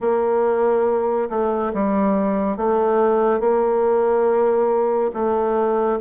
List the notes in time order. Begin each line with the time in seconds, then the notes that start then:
0.00 A#3
1.29 A3
1.73 G3
2.56 A3
3.39 A#3
5.13 A3